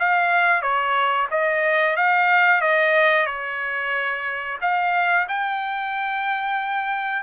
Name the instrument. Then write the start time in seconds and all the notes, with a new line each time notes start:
trumpet
0.00 F5
0.62 C#5
1.31 D#5
1.97 F5
2.62 D#5
3.27 C#5
4.62 F5
5.29 G5